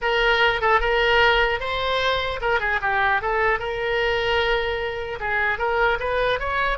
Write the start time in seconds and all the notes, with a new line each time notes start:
0.01 A#4
0.61 A4
0.80 A#4
1.60 C5
2.41 A#4
2.60 G#4
2.81 G4
3.21 A4
3.59 A#4
5.20 G#4
5.58 A#4
5.99 B4
6.39 C#5